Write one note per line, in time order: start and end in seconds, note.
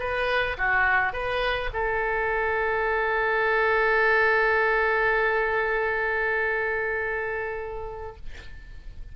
0.00 0.57 B4
0.58 1.13 F#4
1.13 1.70 B4
1.74 8.16 A4